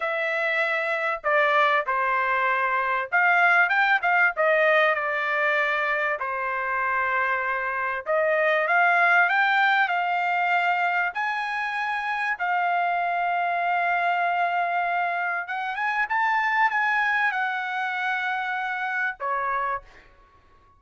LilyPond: \new Staff \with { instrumentName = "trumpet" } { \time 4/4 \tempo 4 = 97 e''2 d''4 c''4~ | c''4 f''4 g''8 f''8 dis''4 | d''2 c''2~ | c''4 dis''4 f''4 g''4 |
f''2 gis''2 | f''1~ | f''4 fis''8 gis''8 a''4 gis''4 | fis''2. cis''4 | }